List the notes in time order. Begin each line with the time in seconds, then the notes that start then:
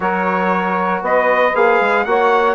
0.00 F#3 F#4 A#4 C#5
1.01 B3 B4 D#5
1.54 A#3 G#4 F5
1.80 G#3
2.04 A#3 F#4 C#5 F#5